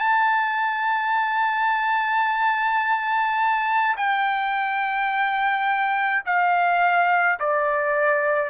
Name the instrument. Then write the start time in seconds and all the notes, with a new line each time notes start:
trumpet
0.00 A5
3.97 G5
6.26 F5
7.40 D5